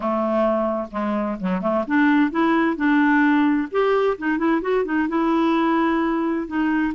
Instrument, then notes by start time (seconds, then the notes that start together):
clarinet
0.00 A3
0.91 G#3
1.40 F#3
1.61 A3
1.87 D4
2.30 E4
2.76 D4
3.71 G4
4.18 D#4
4.38 E4
4.61 F#4
4.85 D#4
5.08 E4
6.47 D#4